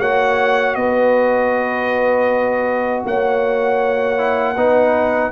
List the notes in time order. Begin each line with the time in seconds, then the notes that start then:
0.00 A#3 F#4 C#5 F#5
0.75 B3 B4 D#5
3.06 A#3 C#5 F#5
4.18 E4
4.55 B3 D#4 B4